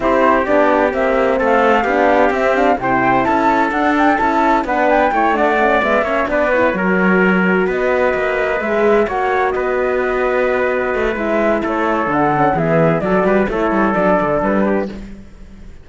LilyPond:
<<
  \new Staff \with { instrumentName = "flute" } { \time 4/4 \tempo 4 = 129 c''4 d''4 e''4 f''4~ | f''4 e''8 f''8 g''4 a''4 | fis''8 g''8 a''4 fis''8 g''4 fis''8~ | fis''8 e''4 d''8 cis''2~ |
cis''8 dis''2 e''4 fis''8~ | fis''8 dis''2.~ dis''8 | e''4 cis''4 fis''4 e''4 | d''4 cis''4 d''4 b'4 | }
  \new Staff \with { instrumentName = "trumpet" } { \time 4/4 g'2. a'4 | g'2 c''4 a'4~ | a'2 b'4 cis''8 d''8~ | d''4 cis''8 b'4 ais'4.~ |
ais'8 b'2. cis''8~ | cis''8 b'2.~ b'8~ | b'4 a'2 gis'4 | a'8 b'8 a'2~ a'8 g'8 | }
  \new Staff \with { instrumentName = "horn" } { \time 4/4 e'4 d'4 c'2 | d'4 c'8 d'8 e'2 | d'4 e'4 d'4 e'8 d'8 | cis'8 b8 cis'8 d'8 e'8 fis'4.~ |
fis'2~ fis'8 gis'4 fis'8~ | fis'1 | e'2 d'8 cis'8 b4 | fis'4 e'4 d'2 | }
  \new Staff \with { instrumentName = "cello" } { \time 4/4 c'4 b4 ais4 a4 | b4 c'4 c4 cis'4 | d'4 cis'4 b4 a4~ | a8 gis8 ais8 b4 fis4.~ |
fis8 b4 ais4 gis4 ais8~ | ais8 b2. a8 | gis4 a4 d4 e4 | fis8 g8 a8 g8 fis8 d8 g4 | }
>>